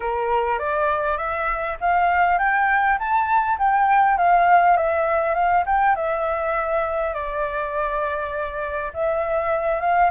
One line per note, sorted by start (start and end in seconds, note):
0.00 0.58 A#4
0.58 1.17 D5
1.17 1.77 E5
1.80 2.38 F5
2.38 2.98 G5
2.98 3.58 A5
3.58 4.17 G5
4.17 4.76 F5
4.76 5.34 E5
5.34 5.64 F5
5.65 5.95 G5
5.95 7.13 E5
7.13 8.92 D5
8.93 9.80 E5
9.80 10.10 F5